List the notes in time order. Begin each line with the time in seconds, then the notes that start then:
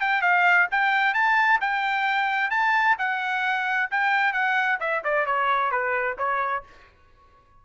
0.00 G5
0.21 F5
0.71 G5
1.14 A5
1.60 G5
2.50 A5
2.98 F#5
3.91 G5
4.33 F#5
4.80 E5
5.04 D5
5.25 C#5
5.71 B4
6.18 C#5